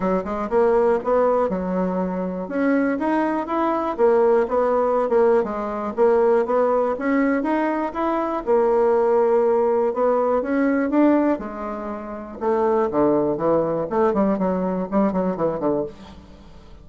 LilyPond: \new Staff \with { instrumentName = "bassoon" } { \time 4/4 \tempo 4 = 121 fis8 gis8 ais4 b4 fis4~ | fis4 cis'4 dis'4 e'4 | ais4 b4~ b16 ais8. gis4 | ais4 b4 cis'4 dis'4 |
e'4 ais2. | b4 cis'4 d'4 gis4~ | gis4 a4 d4 e4 | a8 g8 fis4 g8 fis8 e8 d8 | }